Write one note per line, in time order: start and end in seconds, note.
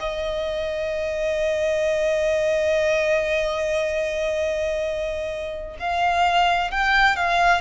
0.00 5.77 D#5
5.80 6.71 F5
6.71 7.17 G5
7.17 7.62 F5